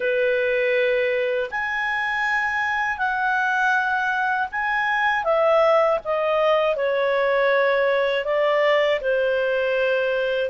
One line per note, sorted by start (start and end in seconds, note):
0.00 1.50 B4
1.50 2.98 G#5
2.98 4.48 F#5
4.51 5.24 G#5
5.24 5.99 E5
6.04 6.76 D#5
6.76 8.25 C#5
8.25 9.00 D5
9.00 10.49 C5